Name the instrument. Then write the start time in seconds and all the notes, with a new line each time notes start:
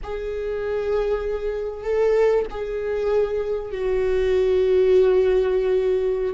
viola
0.03 G#4
1.83 A4
2.50 G#4
3.71 F#4